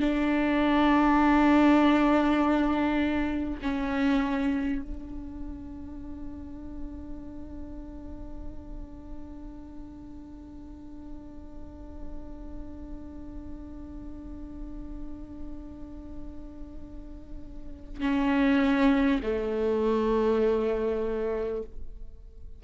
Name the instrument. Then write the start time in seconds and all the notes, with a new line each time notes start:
viola
0.00 D4
3.63 C#4
4.83 D4
18.01 C#4
19.23 A3